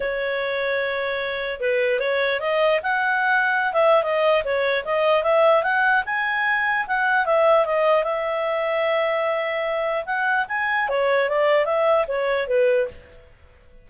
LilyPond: \new Staff \with { instrumentName = "clarinet" } { \time 4/4 \tempo 4 = 149 cis''1 | b'4 cis''4 dis''4 fis''4~ | fis''4~ fis''16 e''8. dis''4 cis''4 | dis''4 e''4 fis''4 gis''4~ |
gis''4 fis''4 e''4 dis''4 | e''1~ | e''4 fis''4 gis''4 cis''4 | d''4 e''4 cis''4 b'4 | }